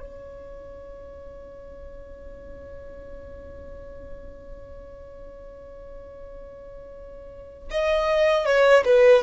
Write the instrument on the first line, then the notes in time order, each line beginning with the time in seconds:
violin
0.00 C#5
7.71 D#5
8.45 C#5
8.85 B4